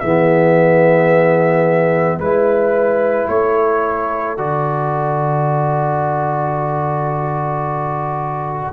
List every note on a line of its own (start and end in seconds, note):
0.00 2.18 E3
0.00 2.21 B3
0.00 2.18 G#4
0.00 2.18 E5
2.18 3.27 G#3
2.18 4.37 E4
2.18 3.29 B4
3.29 4.38 A3
3.29 8.73 A4
3.29 4.38 C#5
4.37 8.73 D3
4.37 8.73 F#4
4.37 8.73 D5